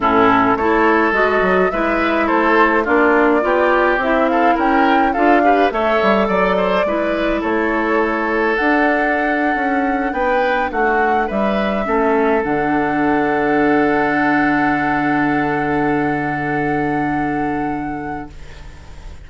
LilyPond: <<
  \new Staff \with { instrumentName = "flute" } { \time 4/4 \tempo 4 = 105 a'4 cis''4 dis''4 e''4 | c''4 d''2 e''8 f''8 | g''4 f''4 e''4 d''4~ | d''4 cis''2 fis''4~ |
fis''4.~ fis''16 g''4 fis''4 e''16~ | e''4.~ e''16 fis''2~ fis''16~ | fis''1~ | fis''1 | }
  \new Staff \with { instrumentName = "oboe" } { \time 4/4 e'4 a'2 b'4 | a'4 f'4 g'4. a'8 | ais'4 a'8 b'8 cis''4 d''8 c''8 | b'4 a'2.~ |
a'4.~ a'16 b'4 fis'4 b'16~ | b'8. a'2.~ a'16~ | a'1~ | a'1 | }
  \new Staff \with { instrumentName = "clarinet" } { \time 4/4 cis'4 e'4 fis'4 e'4~ | e'4 d'4 f'4 e'4~ | e'4 f'8 g'8 a'2 | e'2. d'4~ |
d'1~ | d'8. cis'4 d'2~ d'16~ | d'1~ | d'1 | }
  \new Staff \with { instrumentName = "bassoon" } { \time 4/4 a,4 a4 gis8 fis8 gis4 | a4 ais4 b4 c'4 | cis'4 d'4 a8 g8 fis4 | gis4 a2 d'4~ |
d'8. cis'4 b4 a4 g16~ | g8. a4 d2~ d16~ | d1~ | d1 | }
>>